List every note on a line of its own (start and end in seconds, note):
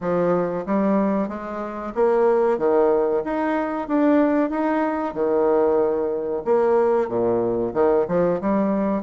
0.00 0.65 F3
0.65 1.28 G3
1.28 1.93 G#3
1.94 2.58 A#3
2.58 3.22 D#3
3.24 3.88 D#4
3.88 4.50 D4
4.50 5.13 D#4
5.13 6.43 D#3
6.44 7.08 A#3
7.08 7.72 A#2
7.73 8.06 D#3
8.08 8.40 F3
8.40 9.02 G3